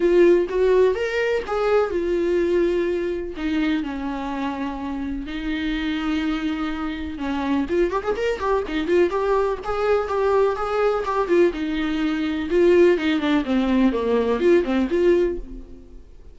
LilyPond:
\new Staff \with { instrumentName = "viola" } { \time 4/4 \tempo 4 = 125 f'4 fis'4 ais'4 gis'4 | f'2. dis'4 | cis'2. dis'4~ | dis'2. cis'4 |
f'8 g'16 gis'16 ais'8 g'8 dis'8 f'8 g'4 | gis'4 g'4 gis'4 g'8 f'8 | dis'2 f'4 dis'8 d'8 | c'4 ais4 f'8 c'8 f'4 | }